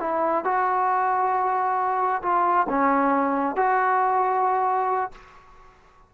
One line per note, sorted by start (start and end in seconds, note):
0.00 0.44 E4
0.44 2.22 F#4
2.22 2.67 F4
2.69 3.56 C#4
3.56 5.12 F#4